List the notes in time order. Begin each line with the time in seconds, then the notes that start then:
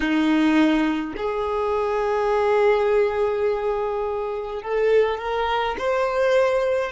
0.00 D#4
1.16 G#4
4.62 A4
5.18 A#4
5.78 C5